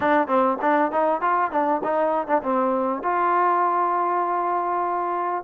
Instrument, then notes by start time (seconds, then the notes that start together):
trombone
0.00 D4
0.27 C4
0.61 D4
0.91 D#4
1.21 F4
1.51 D4
1.83 D#4
2.27 D4
2.42 C4
3.02 F4